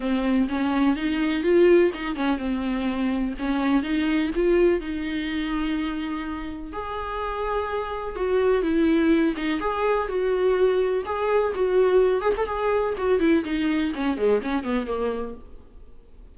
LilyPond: \new Staff \with { instrumentName = "viola" } { \time 4/4 \tempo 4 = 125 c'4 cis'4 dis'4 f'4 | dis'8 cis'8 c'2 cis'4 | dis'4 f'4 dis'2~ | dis'2 gis'2~ |
gis'4 fis'4 e'4. dis'8 | gis'4 fis'2 gis'4 | fis'4. gis'16 a'16 gis'4 fis'8 e'8 | dis'4 cis'8 gis8 cis'8 b8 ais4 | }